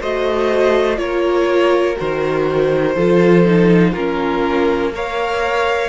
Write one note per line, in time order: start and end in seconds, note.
0.00 0.98 A3
0.00 0.96 F#4
0.00 0.98 C5
0.00 0.98 D#5
0.96 1.96 A#3
0.96 1.95 F4
0.96 2.95 A#4
0.96 1.96 C#5
1.97 2.96 D#3
1.97 2.95 F#4
1.97 3.93 C5
2.95 3.94 F3
2.95 3.45 F4
2.95 3.92 A4
3.45 3.94 D#4
3.92 5.89 A#3
3.92 4.92 C#4
3.92 4.91 F4
3.92 4.91 A#4
4.92 5.89 A#4
4.92 5.89 C#5
4.92 5.89 F5